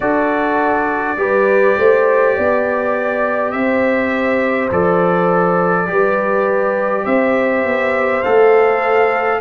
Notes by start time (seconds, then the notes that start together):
0.00 D4 F#4 A4 D5
1.16 G3 G4 B4
1.78 A3 C5
2.35 B3 D5
3.51 C4 C5 E5
4.71 F3 A4 D5
5.87 G3 G4 B4
7.04 C4 C5 E5
7.64 B3
8.23 A3 A4 F5